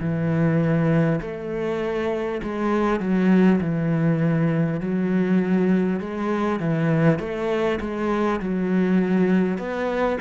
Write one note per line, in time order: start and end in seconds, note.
0.00 1.20 E3
1.21 2.41 A3
2.42 2.99 G#3
2.99 3.59 F#3
3.61 4.80 E3
4.80 5.99 F#3
5.99 6.59 G#3
6.59 7.19 E3
7.19 7.79 A3
7.80 8.39 G#3
8.39 9.58 F#3
9.58 10.18 B3